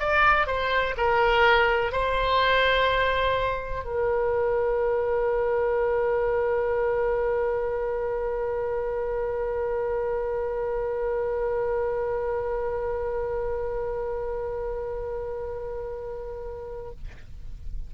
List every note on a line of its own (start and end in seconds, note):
0.00 0.47 D5
0.47 0.95 C5
0.97 1.93 A#4
1.93 3.85 C5
3.85 16.91 A#4